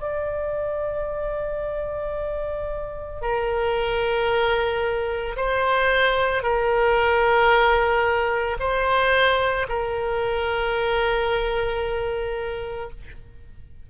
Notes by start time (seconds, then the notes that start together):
0.00 D5
3.21 A#4
5.36 C5
6.42 A#4
8.60 C5
9.68 A#4